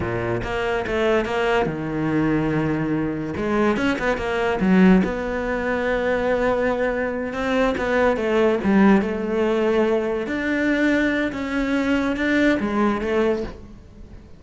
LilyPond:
\new Staff \with { instrumentName = "cello" } { \time 4/4 \tempo 4 = 143 ais,4 ais4 a4 ais4 | dis1 | gis4 cis'8 b8 ais4 fis4 | b1~ |
b4. c'4 b4 a8~ | a8 g4 a2~ a8~ | a8 d'2~ d'8 cis'4~ | cis'4 d'4 gis4 a4 | }